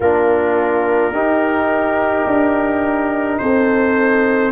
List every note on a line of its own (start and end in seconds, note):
0.00 1.12 A#3
0.00 1.13 D4
0.00 1.13 F4
0.00 3.38 A#4
1.12 2.25 D#4
1.12 4.51 D#4
1.12 3.39 G4
2.26 3.39 D4
3.38 4.51 C4
3.38 4.51 A4
3.38 4.51 C5